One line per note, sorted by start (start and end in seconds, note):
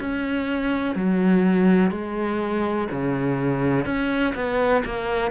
0.00 0.95 C#4
0.95 1.91 F#3
1.91 2.88 G#3
2.92 3.85 C#3
3.85 4.34 C#4
4.35 4.83 B3
4.85 5.31 A#3